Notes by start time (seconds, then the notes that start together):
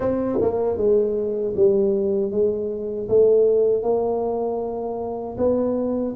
0.00 C4
0.41 A#3
0.77 G#3
1.56 G3
2.31 G#3
3.08 A3
3.83 A#3
5.37 B3